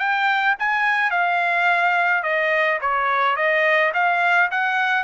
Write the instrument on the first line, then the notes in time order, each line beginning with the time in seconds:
trumpet
0.00 G5
0.59 G#5
1.11 F5
2.24 D#5
2.82 C#5
3.37 D#5
3.94 F5
4.51 F#5